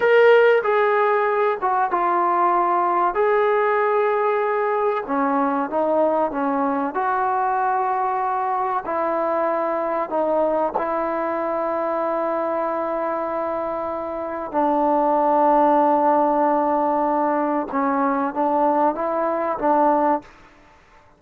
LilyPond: \new Staff \with { instrumentName = "trombone" } { \time 4/4 \tempo 4 = 95 ais'4 gis'4. fis'8 f'4~ | f'4 gis'2. | cis'4 dis'4 cis'4 fis'4~ | fis'2 e'2 |
dis'4 e'2.~ | e'2. d'4~ | d'1 | cis'4 d'4 e'4 d'4 | }